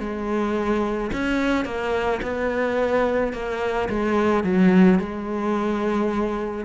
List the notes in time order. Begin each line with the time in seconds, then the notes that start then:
0.00 G#3
1.13 C#4
1.65 A#3
2.22 B3
3.33 A#3
3.89 G#3
4.44 F#3
4.99 G#3